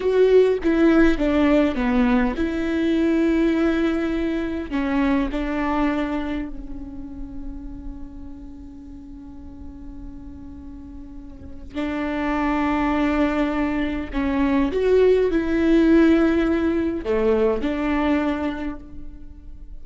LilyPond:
\new Staff \with { instrumentName = "viola" } { \time 4/4 \tempo 4 = 102 fis'4 e'4 d'4 b4 | e'1 | cis'4 d'2 cis'4~ | cis'1~ |
cis'1 | d'1 | cis'4 fis'4 e'2~ | e'4 a4 d'2 | }